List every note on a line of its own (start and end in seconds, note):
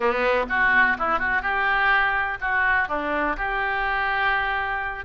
0.00 0.46 B3
0.49 0.97 F#4
0.98 1.19 E4
1.19 1.42 F#4
1.42 2.38 G4
2.40 2.88 F#4
2.88 3.36 D4
3.36 5.04 G4